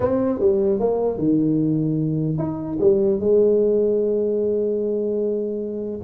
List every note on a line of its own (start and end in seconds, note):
0.00 0.39 C4
0.39 0.79 G3
0.79 1.17 A#3
1.17 2.37 D#3
2.38 2.78 D#4
2.80 3.19 G3
3.19 5.99 G#3